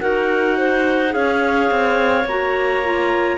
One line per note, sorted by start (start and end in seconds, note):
0.00 1.15 D#4
0.00 1.10 F#4
0.00 0.57 A#4
0.00 1.13 F#5
0.57 1.14 C5
1.10 1.71 C#4
1.10 2.23 G#4
1.10 3.37 C#5
1.10 2.27 F5
1.71 2.25 C4
2.25 3.37 A#3
2.25 2.84 F#4
2.25 3.37 A#5
2.84 3.37 F4